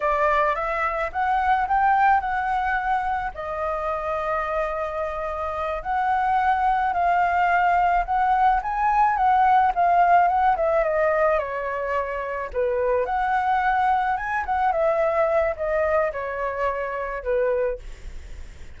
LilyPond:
\new Staff \with { instrumentName = "flute" } { \time 4/4 \tempo 4 = 108 d''4 e''4 fis''4 g''4 | fis''2 dis''2~ | dis''2~ dis''8 fis''4.~ | fis''8 f''2 fis''4 gis''8~ |
gis''8 fis''4 f''4 fis''8 e''8 dis''8~ | dis''8 cis''2 b'4 fis''8~ | fis''4. gis''8 fis''8 e''4. | dis''4 cis''2 b'4 | }